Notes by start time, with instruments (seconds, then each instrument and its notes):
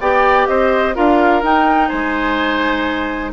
0.00 bassoon B3, clarinet G4, oboe D5, flute G5
0.47 bassoon C4, oboe C5, flute D#5
0.94 bassoon D4, clarinet F4, oboe A#4, flute F5
1.43 bassoon D#4, clarinet D#4, flute G5
1.88 bassoon G#3, oboe C5, flute G#5